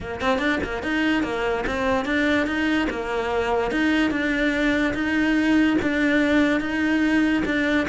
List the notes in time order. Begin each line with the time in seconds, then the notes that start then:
0.00 A#3
0.21 C4
0.38 D4
0.63 A#3
0.83 D#4
1.23 A#3
1.66 C4
2.05 D4
2.46 D#4
2.90 A#3
3.71 D#4
4.11 D4
4.94 D#4
5.81 D4
6.60 D#4
7.45 D4